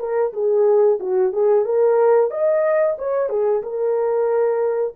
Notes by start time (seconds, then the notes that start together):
0.00 A#4
0.33 G#4
1.00 F#4
1.33 G#4
1.65 A#4
2.31 D#5
2.99 C#5
3.30 G#4
3.63 A#4